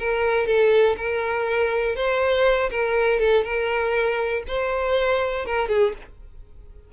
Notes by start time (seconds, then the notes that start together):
0.00 A#4
0.47 A4
0.97 A#4
1.96 C5
2.71 A#4
3.20 A4
3.44 A#4
4.48 C5
5.46 A#4
5.69 G#4